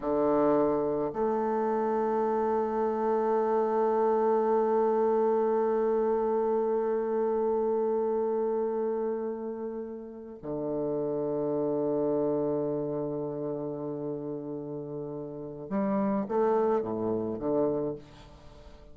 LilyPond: \new Staff \with { instrumentName = "bassoon" } { \time 4/4 \tempo 4 = 107 d2 a2~ | a1~ | a1~ | a1~ |
a2~ a8 d4.~ | d1~ | d1 | g4 a4 a,4 d4 | }